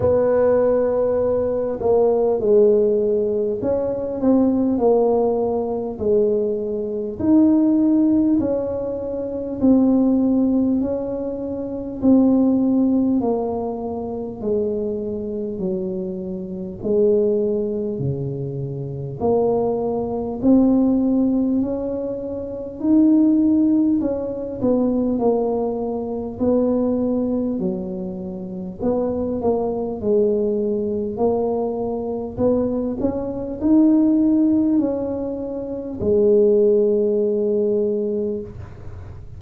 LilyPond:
\new Staff \with { instrumentName = "tuba" } { \time 4/4 \tempo 4 = 50 b4. ais8 gis4 cis'8 c'8 | ais4 gis4 dis'4 cis'4 | c'4 cis'4 c'4 ais4 | gis4 fis4 gis4 cis4 |
ais4 c'4 cis'4 dis'4 | cis'8 b8 ais4 b4 fis4 | b8 ais8 gis4 ais4 b8 cis'8 | dis'4 cis'4 gis2 | }